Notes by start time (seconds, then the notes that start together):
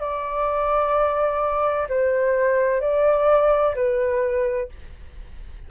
0.00 D5
1.89 C5
2.81 D5
3.75 B4